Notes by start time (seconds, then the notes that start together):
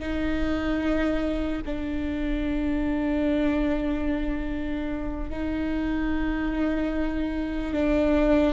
0.00 D#4
1.66 D4
5.31 D#4
7.74 D4